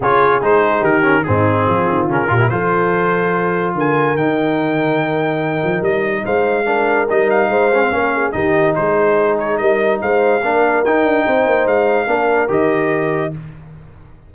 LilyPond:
<<
  \new Staff \with { instrumentName = "trumpet" } { \time 4/4 \tempo 4 = 144 cis''4 c''4 ais'4 gis'4~ | gis'4 ais'4 c''2~ | c''4 gis''4 g''2~ | g''2 dis''4 f''4~ |
f''4 dis''8 f''2~ f''8 | dis''4 c''4. cis''8 dis''4 | f''2 g''2 | f''2 dis''2 | }
  \new Staff \with { instrumentName = "horn" } { \time 4/4 gis'2 g'4 dis'4 | f'4. g'8 a'2~ | a'4 ais'2.~ | ais'2. c''4 |
ais'2 c''4 ais'8 gis'8 | g'4 gis'2 ais'4 | c''4 ais'2 c''4~ | c''4 ais'2. | }
  \new Staff \with { instrumentName = "trombone" } { \time 4/4 f'4 dis'4. cis'8 c'4~ | c'4 cis'8 f'16 e'16 f'2~ | f'2 dis'2~ | dis'1 |
d'4 dis'4. cis'16 c'16 cis'4 | dis'1~ | dis'4 d'4 dis'2~ | dis'4 d'4 g'2 | }
  \new Staff \with { instrumentName = "tuba" } { \time 4/4 cis4 gis4 dis4 gis,4 | f8 dis8 cis8 ais,8 f2~ | f4 d4 dis2~ | dis4. f8 g4 gis4~ |
gis4 g4 gis4 ais4 | dis4 gis2 g4 | gis4 ais4 dis'8 d'8 c'8 ais8 | gis4 ais4 dis2 | }
>>